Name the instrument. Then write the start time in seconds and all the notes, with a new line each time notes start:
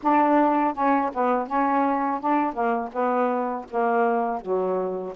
saxophone
0.02 D4
0.74 C#4
1.13 B3
1.47 C#4
2.20 D4
2.53 A#3
2.92 B3
3.70 A#3
4.40 F#3